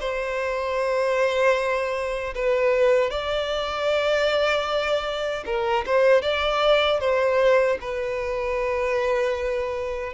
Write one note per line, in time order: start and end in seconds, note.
0.00 2.34 C5
2.34 3.10 B4
3.10 5.44 D5
5.45 5.84 A#4
5.86 6.22 C5
6.22 7.00 D5
7.00 7.78 C5
7.81 10.13 B4